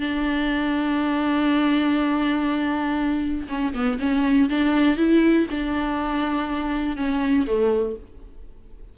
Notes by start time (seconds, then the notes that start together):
0.00 D4
3.49 C#4
3.74 B3
3.99 C#4
4.49 D4
4.97 E4
5.50 D4
6.96 C#4
7.47 A3